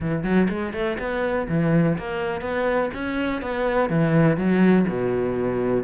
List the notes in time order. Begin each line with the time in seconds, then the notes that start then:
0.00 E3
0.23 F#3
0.49 G#3
0.73 A3
0.98 B3
1.49 E3
1.98 A#3
2.41 B3
2.94 C#4
3.41 B3
3.89 E3
4.37 F#3
4.88 B2